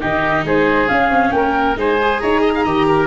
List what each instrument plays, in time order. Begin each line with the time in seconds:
0.00 tuba D#3, viola D#4, oboe G4, flute D#5
0.44 tuba G#3, oboe G#4, flute C5
0.87 viola C#4, tuba C#4, flute F5
1.09 tuba C4
1.31 tuba A#3, oboe A#4, flute G5
1.76 tuba G#3, viola D#4, oboe C5, flute G#5
2.01 viola G#4
2.19 tuba D#4, oboe C#5, flute A#5
2.41 oboe D#5
2.54 oboe F5
2.64 tuba D#3, viola G4, oboe D#5
2.88 oboe A#4